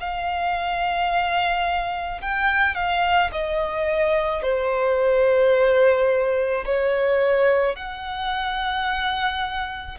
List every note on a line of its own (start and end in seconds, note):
0.00 2.21 F5
2.21 2.75 G5
2.75 3.30 F5
3.32 4.42 D#5
4.42 6.65 C5
6.65 7.76 C#5
7.76 9.98 F#5